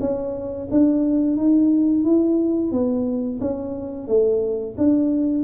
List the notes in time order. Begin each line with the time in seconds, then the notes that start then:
0.00 C#4
0.71 D4
1.37 D#4
2.04 E4
2.71 B3
3.41 C#4
4.08 A3
4.78 D4